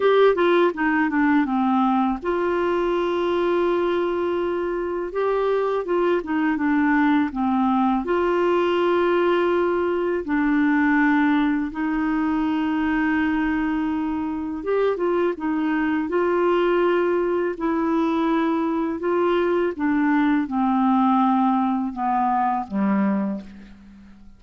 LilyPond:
\new Staff \with { instrumentName = "clarinet" } { \time 4/4 \tempo 4 = 82 g'8 f'8 dis'8 d'8 c'4 f'4~ | f'2. g'4 | f'8 dis'8 d'4 c'4 f'4~ | f'2 d'2 |
dis'1 | g'8 f'8 dis'4 f'2 | e'2 f'4 d'4 | c'2 b4 g4 | }